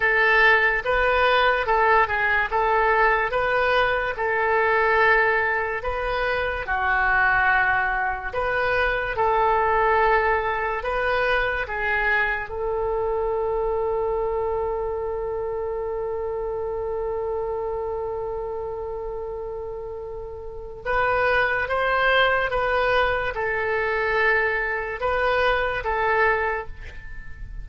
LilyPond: \new Staff \with { instrumentName = "oboe" } { \time 4/4 \tempo 4 = 72 a'4 b'4 a'8 gis'8 a'4 | b'4 a'2 b'4 | fis'2 b'4 a'4~ | a'4 b'4 gis'4 a'4~ |
a'1~ | a'1~ | a'4 b'4 c''4 b'4 | a'2 b'4 a'4 | }